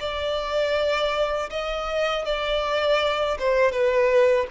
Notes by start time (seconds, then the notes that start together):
0.00 D5
1.50 D#5
2.25 D5
3.39 C5
3.72 B4